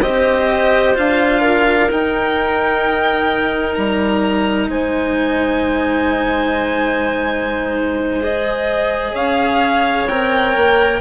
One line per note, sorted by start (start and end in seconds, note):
0.00 0.95 C4
0.00 0.95 G4
0.00 1.40 C5
0.00 0.95 D#5
0.95 1.91 D4
0.95 1.88 F4
0.95 1.90 F5
1.40 4.68 A#4
1.90 8.20 D#4
1.90 3.77 D#4
1.90 3.74 G5
3.74 4.68 G3
3.74 4.68 A#5
4.68 9.13 G#3
4.68 9.12 C5
4.68 8.22 G#5
8.20 10.08 G#4
8.20 9.15 D#5
9.12 10.07 C#4
9.12 10.99 C#5
9.12 10.08 F5
10.08 10.55 C4
10.08 11.00 A#4
10.08 11.00 G5
10.56 11.00 A#3